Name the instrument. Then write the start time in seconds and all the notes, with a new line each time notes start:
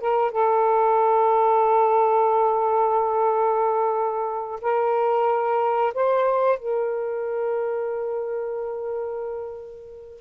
saxophone
0.00 A#4
0.31 A4
4.61 A#4
5.94 C5
6.59 A#4